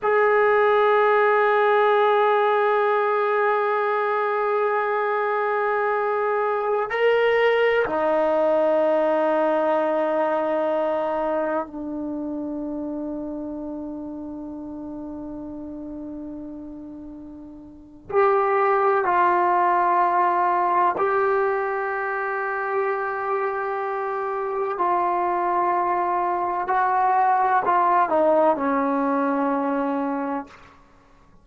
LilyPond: \new Staff \with { instrumentName = "trombone" } { \time 4/4 \tempo 4 = 63 gis'1~ | gis'2.~ gis'16 ais'8.~ | ais'16 dis'2.~ dis'8.~ | dis'16 d'2.~ d'8.~ |
d'2. g'4 | f'2 g'2~ | g'2 f'2 | fis'4 f'8 dis'8 cis'2 | }